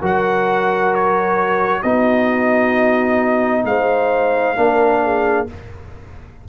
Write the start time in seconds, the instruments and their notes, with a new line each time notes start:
0.00 tuba F#3, trombone F#4, horn A#4, trumpet F#5
0.94 trumpet C#5
1.83 tuba B3, trombone D#4, horn F#4, trumpet D#5
3.65 tuba G#3, horn C5, trumpet F5
4.56 tuba A#3, trombone D4, horn A#4
5.03 horn G#4